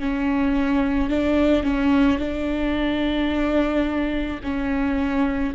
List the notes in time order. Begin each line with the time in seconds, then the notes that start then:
0.00 C#4
1.10 D4
1.63 C#4
2.19 D4
4.43 C#4